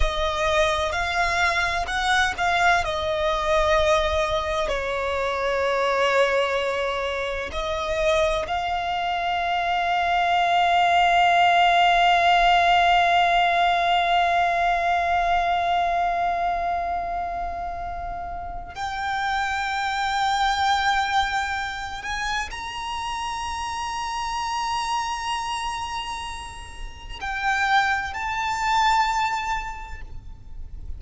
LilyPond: \new Staff \with { instrumentName = "violin" } { \time 4/4 \tempo 4 = 64 dis''4 f''4 fis''8 f''8 dis''4~ | dis''4 cis''2. | dis''4 f''2.~ | f''1~ |
f''1 | g''2.~ g''8 gis''8 | ais''1~ | ais''4 g''4 a''2 | }